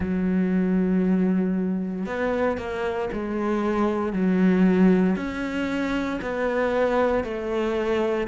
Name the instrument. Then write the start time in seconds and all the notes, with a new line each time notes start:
cello
0.00 F#3
2.05 B3
2.57 A#3
3.13 G#3
4.12 F#3
5.16 C#4
6.21 B3
7.24 A3